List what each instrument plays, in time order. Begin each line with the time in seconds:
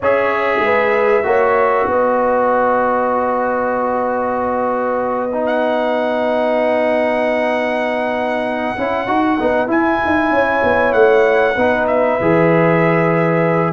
0.00 tuba C#4, trombone G#4, horn C#5, trumpet E5
0.58 tuba G#3, horn B4
1.23 tuba A#3, trombone F#4, horn C#5
1.87 tuba B3, horn B4, trumpet D#5
5.32 trombone D#4
5.46 trumpet F#5
8.76 tuba C#4, trombone E4
9.07 tuba D#4, trombone F#4
9.39 tuba B3, trombone D#4
9.67 trombone E4, tuba E4, trumpet G#5
10.04 tuba D#4
10.30 tuba C#4, horn C#5
10.63 tuba B3
10.92 tuba A3, trumpet F#5
11.55 tuba B3, trombone D#4, horn B4
11.87 trumpet E5
12.21 tuba E3, trombone G#4